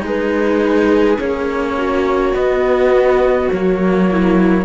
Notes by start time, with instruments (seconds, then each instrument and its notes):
0.00 cello G#3 D#4, viola G#4
0.06 flute B4
1.19 cello A#3 C#4, flute C#5
1.78 viola F#4
2.33 cello B3, flute D#5
3.51 cello F#3 A#3, flute C#5
4.12 viola E4